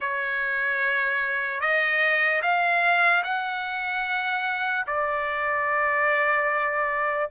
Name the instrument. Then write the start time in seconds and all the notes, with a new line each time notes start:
trumpet
0.00 C#5
1.60 D#5
2.42 F5
3.23 F#5
4.86 D5